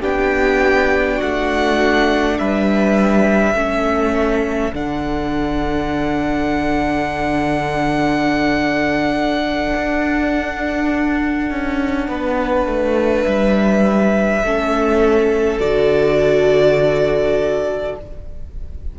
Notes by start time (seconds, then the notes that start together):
0.00 B3 D4 G4 G5
1.17 A3 F#4 F#5
2.38 G3 B4 E5
3.54 A3 C#4 A4
4.73 D3 D4 F#5
9.75 D4
11.50 C#4
12.08 B3 B4
12.66 A3
13.23 G3 E5
14.43 A3 C#4 A4
15.60 D3 F#4 D5